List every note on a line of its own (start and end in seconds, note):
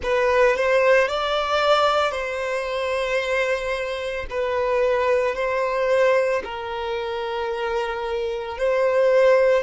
0.02 0.56 B4
0.56 1.08 C5
1.08 2.11 D5
2.11 4.26 C5
4.30 5.35 B4
5.35 6.42 C5
6.44 8.58 A#4
8.58 9.63 C5